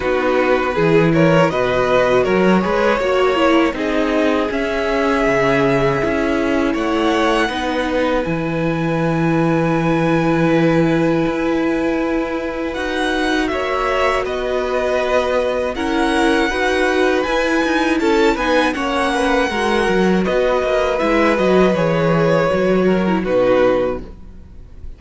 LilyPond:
<<
  \new Staff \with { instrumentName = "violin" } { \time 4/4 \tempo 4 = 80 b'4. cis''8 dis''4 cis''4~ | cis''4 dis''4 e''2~ | e''4 fis''2 gis''4~ | gis''1~ |
gis''4 fis''4 e''4 dis''4~ | dis''4 fis''2 gis''4 | a''8 gis''8 fis''2 dis''4 | e''8 dis''8 cis''2 b'4 | }
  \new Staff \with { instrumentName = "violin" } { \time 4/4 fis'4 gis'8 ais'8 b'4 ais'8 b'8 | cis''4 gis'2.~ | gis'4 cis''4 b'2~ | b'1~ |
b'2 cis''4 b'4~ | b'4 ais'4 b'2 | a'8 b'8 cis''8 b'8 ais'4 b'4~ | b'2~ b'8 ais'8 fis'4 | }
  \new Staff \with { instrumentName = "viola" } { \time 4/4 dis'4 e'4 fis'4. gis'8 | fis'8 e'8 dis'4 cis'2 | e'2 dis'4 e'4~ | e'1~ |
e'4 fis'2.~ | fis'4 e'4 fis'4 e'4~ | e'8 dis'8 cis'4 fis'2 | e'8 fis'8 gis'4 fis'8. e'16 dis'4 | }
  \new Staff \with { instrumentName = "cello" } { \time 4/4 b4 e4 b,4 fis8 gis8 | ais4 c'4 cis'4 cis4 | cis'4 a4 b4 e4~ | e2. e'4~ |
e'4 dis'4 ais4 b4~ | b4 cis'4 dis'4 e'8 dis'8 | cis'8 b8 ais4 gis8 fis8 b8 ais8 | gis8 fis8 e4 fis4 b,4 | }
>>